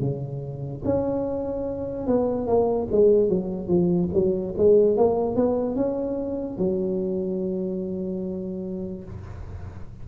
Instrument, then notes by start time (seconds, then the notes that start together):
tuba
0.00 C#3
0.84 C#4
2.07 B3
2.47 A#3
2.91 G#3
3.29 F#3
3.67 F3
4.13 F#3
4.57 G#3
4.97 A#3
5.35 B3
5.76 C#4
6.58 F#3